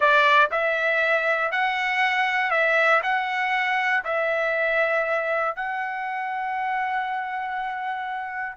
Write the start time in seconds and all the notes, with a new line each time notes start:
0.00 D5
0.51 E5
1.51 F#5
2.50 E5
3.02 F#5
4.04 E5
5.55 F#5